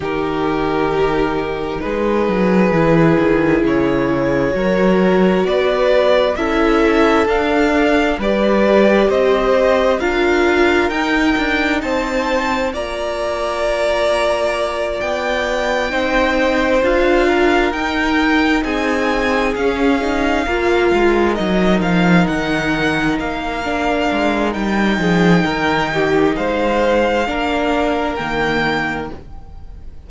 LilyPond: <<
  \new Staff \with { instrumentName = "violin" } { \time 4/4 \tempo 4 = 66 ais'2 b'2 | cis''2 d''4 e''4 | f''4 d''4 dis''4 f''4 | g''4 a''4 ais''2~ |
ais''8 g''2 f''4 g''8~ | g''8 gis''4 f''2 dis''8 | f''8 fis''4 f''4. g''4~ | g''4 f''2 g''4 | }
  \new Staff \with { instrumentName = "violin" } { \time 4/4 g'2 gis'2~ | gis'4 ais'4 b'4 a'4~ | a'4 b'4 c''4 ais'4~ | ais'4 c''4 d''2~ |
d''4. c''4. ais'4~ | ais'8 gis'2 ais'4.~ | ais'2.~ ais'8 gis'8 | ais'8 g'8 c''4 ais'2 | }
  \new Staff \with { instrumentName = "viola" } { \time 4/4 dis'2. e'4~ | e'4 fis'2 e'4 | d'4 g'2 f'4 | dis'2 f'2~ |
f'4. dis'4 f'4 dis'8~ | dis'4. cis'8 dis'8 f'4 dis'8~ | dis'2 d'4 dis'4~ | dis'2 d'4 ais4 | }
  \new Staff \with { instrumentName = "cello" } { \time 4/4 dis2 gis8 fis8 e8 dis8 | cis4 fis4 b4 cis'4 | d'4 g4 c'4 d'4 | dis'8 d'8 c'4 ais2~ |
ais8 b4 c'4 d'4 dis'8~ | dis'8 c'4 cis'4 ais8 gis8 fis8 | f8 dis4 ais4 gis8 g8 f8 | dis4 gis4 ais4 dis4 | }
>>